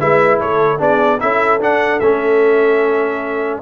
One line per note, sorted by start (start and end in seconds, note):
0.00 0.41 G#3
0.00 0.79 E4
0.00 0.41 B4
0.00 0.40 E5
0.41 0.80 A3
0.41 0.79 A4
0.41 0.81 C#5
0.79 1.20 B3
0.79 1.19 D4
0.79 1.19 G#4
0.79 1.20 D5
1.20 1.59 C#4
1.20 1.60 E4
1.20 3.62 A4
1.20 1.60 E5
1.59 1.99 D4
1.59 2.01 D4
1.59 2.00 F#5
2.00 3.61 A3
2.00 3.62 C#4
2.00 3.60 E5